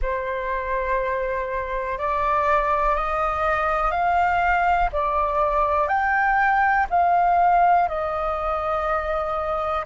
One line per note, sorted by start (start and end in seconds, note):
0.01 1.98 C5
1.98 2.95 D5
2.95 3.91 D#5
3.91 4.89 F5
4.92 5.87 D5
5.87 6.86 G5
6.89 7.88 F5
7.88 9.85 D#5